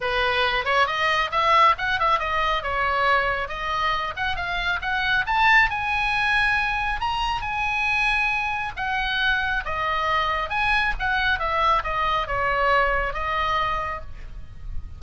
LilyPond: \new Staff \with { instrumentName = "oboe" } { \time 4/4 \tempo 4 = 137 b'4. cis''8 dis''4 e''4 | fis''8 e''8 dis''4 cis''2 | dis''4. fis''8 f''4 fis''4 | a''4 gis''2. |
ais''4 gis''2. | fis''2 dis''2 | gis''4 fis''4 e''4 dis''4 | cis''2 dis''2 | }